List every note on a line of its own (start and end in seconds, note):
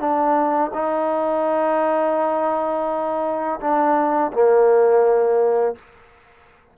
0.00 0.71 D4
0.74 3.60 D#4
3.61 4.32 D4
4.32 5.75 A#3